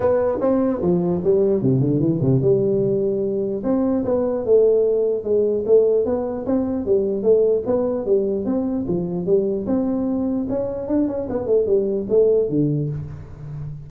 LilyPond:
\new Staff \with { instrumentName = "tuba" } { \time 4/4 \tempo 4 = 149 b4 c'4 f4 g4 | c8 d8 e8 c8 g2~ | g4 c'4 b4 a4~ | a4 gis4 a4 b4 |
c'4 g4 a4 b4 | g4 c'4 f4 g4 | c'2 cis'4 d'8 cis'8 | b8 a8 g4 a4 d4 | }